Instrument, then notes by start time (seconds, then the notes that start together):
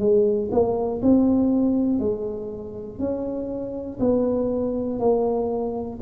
tuba
0.00 G#3
0.52 A#3
1.02 C4
2.00 G#3
3.00 C#4
4.00 B3
5.00 A#3